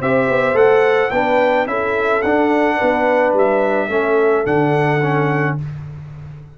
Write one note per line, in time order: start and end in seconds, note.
0.00 0.28 C4
0.00 0.54 G4
0.00 1.12 C5
0.00 0.57 E5
0.28 0.53 B3
0.53 1.09 A3
0.53 1.09 A4
0.53 1.10 F#5
1.10 1.66 B3
1.10 1.66 D4
1.10 1.67 B4
1.10 1.66 G5
1.66 2.22 C#4
1.66 2.22 E4
1.66 2.76 A4
1.66 2.22 E5
2.22 2.79 D4
2.22 3.89 D4
2.22 3.33 F#5
2.76 3.33 B3
2.76 3.87 B4
3.33 3.88 G3
3.33 4.46 E5
3.88 4.44 A3
3.88 4.44 C#4
3.88 5.54 A4
4.44 5.57 D3
4.44 5.00 D4
4.44 5.57 F#5
5.02 5.58 C#4